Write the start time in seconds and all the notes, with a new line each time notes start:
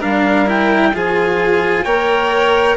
0.00 G3 D4 A#4 F5
0.46 E4 G5
0.94 F3 F4 G#4 G#5
1.84 A#3 A#4 C#5 G5